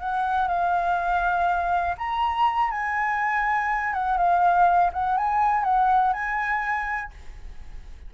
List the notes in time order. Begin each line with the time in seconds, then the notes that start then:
0.00 F#5
0.48 F5
1.98 A#5
2.72 G#5
3.94 F#5
4.18 F5
4.93 F#5
5.18 G#5
5.64 F#5
6.13 G#5